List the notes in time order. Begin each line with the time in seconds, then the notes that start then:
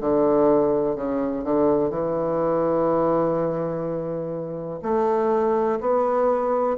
0.00 D3
0.95 C#3
1.44 D3
1.90 E3
4.82 A3
5.80 B3